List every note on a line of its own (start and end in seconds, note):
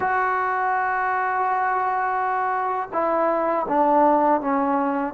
0.00 2.89 F#4
2.92 3.66 E4
3.68 4.41 D4
4.41 5.14 C#4